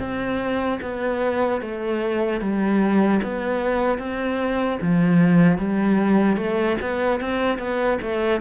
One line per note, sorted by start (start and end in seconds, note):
0.00 0.80 C4
0.82 1.61 B3
1.61 2.41 A3
2.41 3.21 G3
3.23 3.99 B3
3.99 4.79 C4
4.81 5.58 F3
5.58 6.37 G3
6.37 6.77 A3
6.82 7.21 B3
7.21 7.59 C4
7.59 7.99 B3
8.02 8.41 A3